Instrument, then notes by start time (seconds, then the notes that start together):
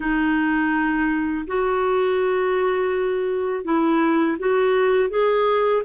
clarinet
0.00 D#4
1.47 F#4
3.64 E4
4.39 F#4
5.09 G#4